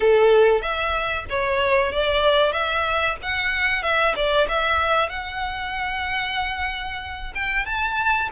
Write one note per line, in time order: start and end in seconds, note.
0.00 0.61 A4
0.61 1.25 E5
1.29 1.92 C#5
1.92 2.52 D5
2.52 3.16 E5
3.22 3.82 F#5
3.82 4.14 E5
4.15 4.47 D5
4.48 5.09 E5
5.09 7.32 F#5
7.35 7.65 G5
7.65 8.29 A5